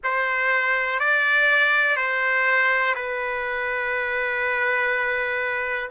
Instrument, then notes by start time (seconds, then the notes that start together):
trumpet
0.03 C5
0.99 D5
1.96 C5
2.95 B4